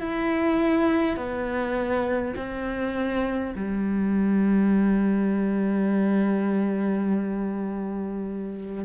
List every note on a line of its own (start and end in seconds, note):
0.00 1.17 E4
1.17 2.34 B3
2.36 3.54 C4
3.55 8.84 G3